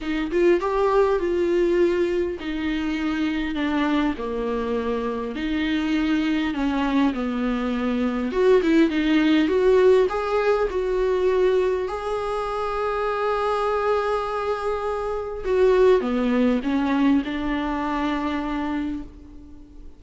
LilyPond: \new Staff \with { instrumentName = "viola" } { \time 4/4 \tempo 4 = 101 dis'8 f'8 g'4 f'2 | dis'2 d'4 ais4~ | ais4 dis'2 cis'4 | b2 fis'8 e'8 dis'4 |
fis'4 gis'4 fis'2 | gis'1~ | gis'2 fis'4 b4 | cis'4 d'2. | }